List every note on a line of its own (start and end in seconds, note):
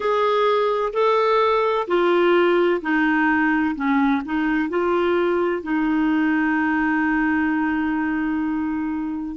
0.00 0.92 G#4
0.93 1.87 A4
1.87 2.81 F4
2.81 3.75 D#4
3.75 4.22 C#4
4.25 4.69 D#4
4.69 5.62 F4
5.62 9.36 D#4